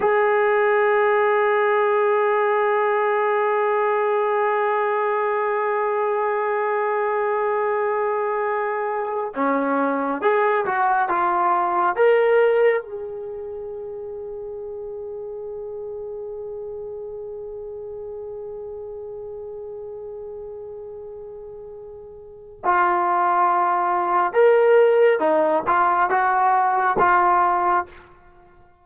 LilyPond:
\new Staff \with { instrumentName = "trombone" } { \time 4/4 \tempo 4 = 69 gis'1~ | gis'1~ | gis'2~ gis'8. cis'4 gis'16~ | gis'16 fis'8 f'4 ais'4 gis'4~ gis'16~ |
gis'1~ | gis'1~ | gis'2 f'2 | ais'4 dis'8 f'8 fis'4 f'4 | }